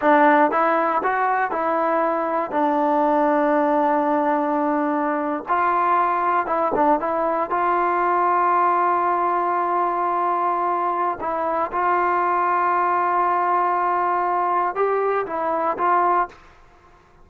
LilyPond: \new Staff \with { instrumentName = "trombone" } { \time 4/4 \tempo 4 = 118 d'4 e'4 fis'4 e'4~ | e'4 d'2.~ | d'2~ d'8. f'4~ f'16~ | f'8. e'8 d'8 e'4 f'4~ f'16~ |
f'1~ | f'2 e'4 f'4~ | f'1~ | f'4 g'4 e'4 f'4 | }